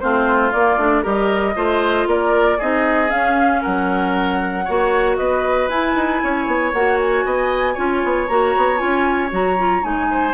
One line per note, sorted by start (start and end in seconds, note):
0.00 0.53 A3
0.00 0.52 C4
0.00 1.02 F4
0.00 0.52 C5
0.52 0.77 A#3
0.52 0.79 A#3
0.52 1.04 D5
0.77 1.03 A3
0.77 1.03 D4
1.02 1.56 G3
1.02 1.55 G4
1.02 1.54 A#4
1.02 2.09 D#5
1.55 2.06 A3
1.55 2.59 F4
1.55 2.08 C5
2.06 2.58 A#3
2.06 2.58 A#4
2.06 2.61 D5
2.58 3.11 C4
2.58 3.09 D#4
2.58 3.61 G#4
2.58 3.10 D#5
3.09 4.64 C#4
3.09 3.63 C#4
3.09 3.62 F5
3.62 4.68 F#3
3.62 4.65 A#4
3.62 5.17 F#5
4.65 5.18 A#3
4.65 5.70 F#4
4.65 5.16 C#5
5.17 5.69 B3
5.17 6.22 B4
5.17 5.68 D#5
5.69 5.95 E4
5.69 6.74 E4
5.69 6.72 G#5
5.95 6.21 D#4
6.23 6.47 C#4
6.23 7.25 C#5
6.47 6.73 B3
6.73 7.25 A#3
6.73 7.76 F#4
6.73 6.98 F#5
6.99 8.28 G#5
7.25 7.76 B3
7.25 7.73 D#5
7.73 8.03 C#4
7.73 8.27 F4
7.73 10.06 C#5
8.04 8.29 B3
8.28 8.55 A#3
8.28 8.77 F#4
8.28 8.78 A#5
8.57 8.81 B3
8.77 9.32 C#4
8.77 9.29 F4
8.77 9.29 G#5
9.30 9.83 F#3
9.30 9.56 F#4
9.30 9.83 A#5
9.58 9.82 F4
9.82 10.34 G#3
9.82 10.34 D#4
9.82 10.34 G#5
10.11 10.34 C5